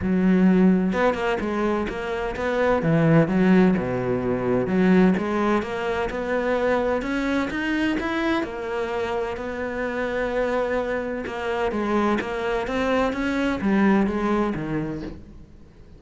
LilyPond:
\new Staff \with { instrumentName = "cello" } { \time 4/4 \tempo 4 = 128 fis2 b8 ais8 gis4 | ais4 b4 e4 fis4 | b,2 fis4 gis4 | ais4 b2 cis'4 |
dis'4 e'4 ais2 | b1 | ais4 gis4 ais4 c'4 | cis'4 g4 gis4 dis4 | }